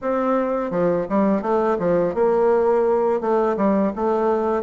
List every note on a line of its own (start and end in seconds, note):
0.01 0.70 C4
0.70 1.06 F3
1.09 1.42 G3
1.42 1.77 A3
1.79 2.14 F3
2.14 3.20 A#3
3.20 3.56 A3
3.56 3.92 G3
3.95 4.62 A3